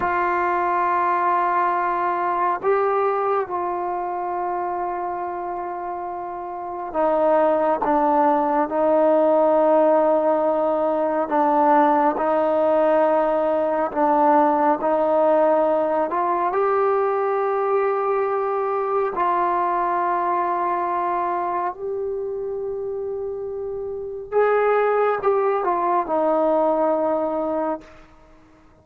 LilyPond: \new Staff \with { instrumentName = "trombone" } { \time 4/4 \tempo 4 = 69 f'2. g'4 | f'1 | dis'4 d'4 dis'2~ | dis'4 d'4 dis'2 |
d'4 dis'4. f'8 g'4~ | g'2 f'2~ | f'4 g'2. | gis'4 g'8 f'8 dis'2 | }